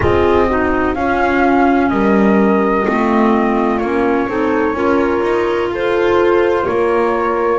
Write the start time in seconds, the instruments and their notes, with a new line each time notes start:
0.00 double bass C4, clarinet F4, horn G#4, flute D#5
0.48 clarinet D#4, horn F#4
0.94 double bass C#4, clarinet C#4, horn F4, flute F5
1.89 double bass G3, horn A#4, flute D#5
2.86 double bass A3, clarinet C4, horn F4
3.78 double bass A#3, clarinet C#4, flute C#5
4.28 double bass C4, clarinet D#4, horn A4
4.73 double bass C#4, clarinet F4, horn A#4
5.22 double bass D#4
5.69 double bass F4, horn A4, flute C5
6.64 double bass A#3, horn A#4, flute C#5